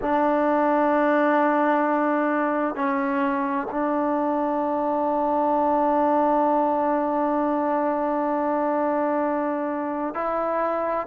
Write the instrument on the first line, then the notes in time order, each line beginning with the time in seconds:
trombone
0.01 D4
2.75 C#4
3.70 D4
10.14 E4